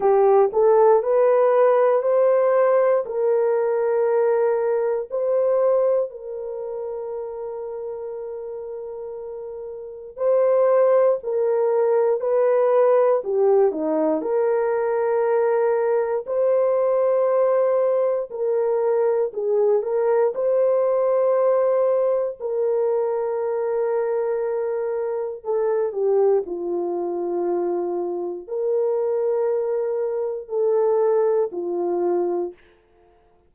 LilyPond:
\new Staff \with { instrumentName = "horn" } { \time 4/4 \tempo 4 = 59 g'8 a'8 b'4 c''4 ais'4~ | ais'4 c''4 ais'2~ | ais'2 c''4 ais'4 | b'4 g'8 dis'8 ais'2 |
c''2 ais'4 gis'8 ais'8 | c''2 ais'2~ | ais'4 a'8 g'8 f'2 | ais'2 a'4 f'4 | }